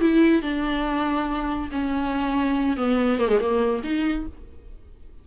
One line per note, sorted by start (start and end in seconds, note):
0.00 0.42 E4
0.42 1.69 D4
1.71 2.77 C#4
2.77 3.19 B3
3.19 3.28 A#3
3.28 3.39 G#3
3.39 3.82 A#3
3.83 4.26 D#4